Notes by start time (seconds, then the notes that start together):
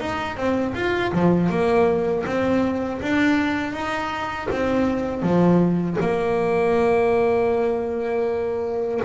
0.00 D#4
0.36 C4
0.74 F4
1.12 F3
1.49 A#3
2.26 C4
3.01 D4
3.73 D#4
4.51 C4
5.22 F3
6.00 A#3